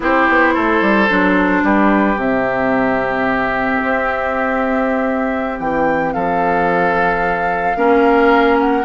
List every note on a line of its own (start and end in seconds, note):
0.00 0.27 C4
0.00 1.08 E4
0.00 0.54 G4
0.00 1.65 C5
0.29 0.56 B3
0.54 0.81 A3
0.54 1.63 A4
0.81 1.08 G3
1.09 1.63 F#3
1.09 2.16 D4
1.63 2.16 G3
1.63 6.14 G4
1.63 2.19 B4
2.16 3.80 C3
2.16 7.75 C4
2.16 5.59 E5
3.82 5.59 C4
5.59 6.14 E3
5.59 6.12 G5
6.12 7.75 F3
6.12 7.76 A4
6.12 8.58 F5
7.75 8.84 A#3
7.75 8.84 C#4
7.75 8.84 A#4
8.59 8.84 F#5